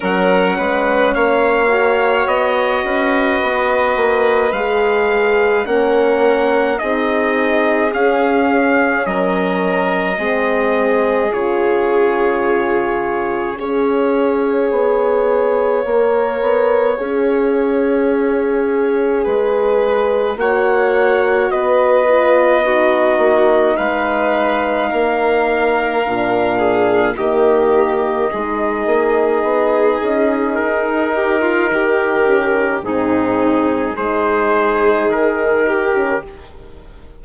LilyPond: <<
  \new Staff \with { instrumentName = "trumpet" } { \time 4/4 \tempo 4 = 53 fis''4 f''4 dis''2 | f''4 fis''4 dis''4 f''4 | dis''2 cis''2 | f''1~ |
f''2 fis''4 dis''4~ | dis''4 f''2. | dis''2. ais'4~ | ais'4 gis'4 c''4 ais'4 | }
  \new Staff \with { instrumentName = "violin" } { \time 4/4 ais'8 b'8 cis''4. b'4.~ | b'4 ais'4 gis'2 | ais'4 gis'2. | cis''1~ |
cis''4 b'4 cis''4 b'4 | fis'4 b'4 ais'4. gis'8 | g'4 gis'2~ gis'8 g'16 f'16 | g'4 dis'4 gis'4. g'8 | }
  \new Staff \with { instrumentName = "horn" } { \time 4/4 cis'4. fis'2~ fis'8 | gis'4 cis'4 dis'4 cis'4~ | cis'4 c'4 f'2 | gis'2 ais'4 gis'4~ |
gis'2 fis'4. f'8 | dis'2. d'4 | ais4 dis'2.~ | dis'8 cis'8 c'4 dis'4.~ dis'16 cis'16 | }
  \new Staff \with { instrumentName = "bassoon" } { \time 4/4 fis8 gis8 ais4 b8 cis'8 b8 ais8 | gis4 ais4 c'4 cis'4 | fis4 gis4 cis2 | cis'4 b4 ais8 b8 cis'4~ |
cis'4 gis4 ais4 b4~ | b8 ais8 gis4 ais4 ais,4 | dis4 gis8 ais8 b8 cis'8 dis'4 | dis4 gis,4 gis4 dis4 | }
>>